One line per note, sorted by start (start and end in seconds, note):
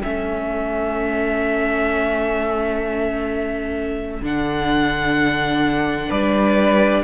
0.00 4.21 A3
0.00 4.23 C#4
0.00 6.09 A4
0.00 4.24 E5
4.21 6.08 D3
4.21 7.04 D4
4.21 6.11 F#5
6.09 7.04 G3
6.09 7.02 B4
6.09 7.04 D5